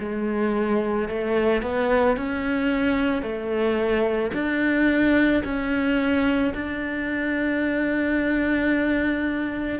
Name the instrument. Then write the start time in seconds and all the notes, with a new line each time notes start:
cello
0.00 G#3
1.09 A3
1.63 B3
2.17 C#4
3.22 A3
4.34 D4
5.44 C#4
6.55 D4